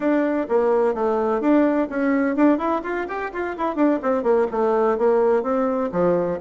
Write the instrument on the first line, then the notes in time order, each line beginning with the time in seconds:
bassoon
0.00 D4
0.48 A#3
0.94 A3
1.40 D4
1.89 C#4
2.36 D4
2.57 E4
2.83 F4
3.08 G4
3.32 F4
3.57 E4
3.75 D4
4.02 C4
4.23 A#3
4.51 A3
4.97 A#3
5.42 C4
5.91 F3